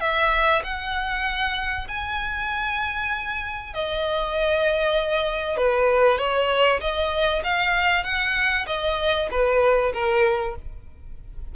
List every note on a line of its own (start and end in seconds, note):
0.00 0.62 E5
0.63 1.87 F#5
1.88 3.73 G#5
3.73 5.56 D#5
5.56 6.18 B4
6.18 6.80 C#5
6.80 7.42 D#5
7.43 8.03 F5
8.03 8.65 F#5
8.66 9.28 D#5
9.30 9.92 B4
9.93 10.55 A#4